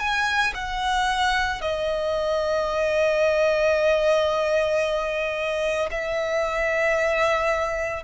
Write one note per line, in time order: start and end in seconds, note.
0.00 0.54 G#5
0.55 1.62 F#5
1.62 5.90 D#5
5.91 8.04 E5